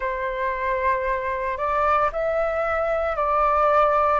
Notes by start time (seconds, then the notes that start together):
0.00 C5
1.57 D5
2.12 E5
3.16 D5